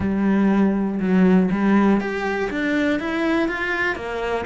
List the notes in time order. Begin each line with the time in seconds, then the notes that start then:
0.00 G3
1.00 F#3
1.51 G3
2.00 G4
2.50 D4
2.99 E4
3.48 F4
3.95 A#3